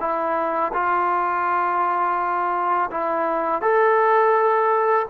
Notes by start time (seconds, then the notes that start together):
0.00 E4
0.73 F4
2.91 E4
3.62 A4